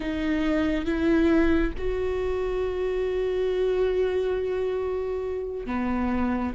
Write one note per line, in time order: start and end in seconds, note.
0.00 0.85 D#4
0.85 1.72 E4
1.77 5.66 F#4
5.66 6.53 B3